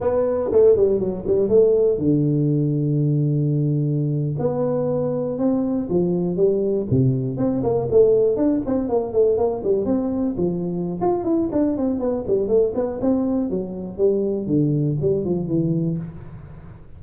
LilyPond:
\new Staff \with { instrumentName = "tuba" } { \time 4/4 \tempo 4 = 120 b4 a8 g8 fis8 g8 a4 | d1~ | d8. b2 c'4 f16~ | f8. g4 c4 c'8 ais8 a16~ |
a8. d'8 c'8 ais8 a8 ais8 g8 c'16~ | c'8. f4~ f16 f'8 e'8 d'8 c'8 | b8 g8 a8 b8 c'4 fis4 | g4 d4 g8 f8 e4 | }